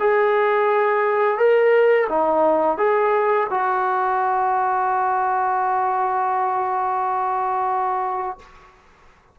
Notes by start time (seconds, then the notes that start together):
0.00 G#4
1.38 A#4
2.09 D#4
2.78 G#4
3.50 F#4